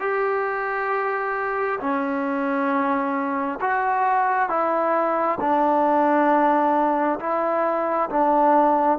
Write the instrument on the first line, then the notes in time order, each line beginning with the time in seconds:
trombone
0.00 G4
1.80 C#4
3.61 F#4
4.49 E4
5.41 D4
7.20 E4
8.10 D4